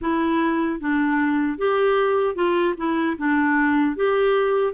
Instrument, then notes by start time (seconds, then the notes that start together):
clarinet
0.01 E4
0.80 D4
1.58 G4
2.35 F4
2.77 E4
3.17 D4
3.96 G4